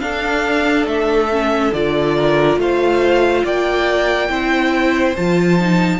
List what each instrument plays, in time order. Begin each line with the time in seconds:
0.00 viola D4, cello D4, violin A4 F5
0.86 cello A3, violin E5
1.32 viola C#4
1.73 cello D3, viola F4, violin D5
2.16 violin A#4
2.58 cello A3, violin C5 F5
3.44 cello A#3, violin D5 G5
4.29 cello C4, viola E4, violin C5
5.16 cello F3, viola F4, violin A5
5.60 viola D#4